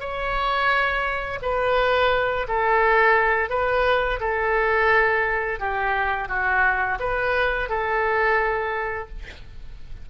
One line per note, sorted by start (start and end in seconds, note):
0.00 1.40 C#5
1.42 2.47 B4
2.48 3.50 A4
3.50 4.20 B4
4.21 5.60 A4
5.60 6.29 G4
6.29 6.99 F#4
7.00 7.70 B4
7.70 9.09 A4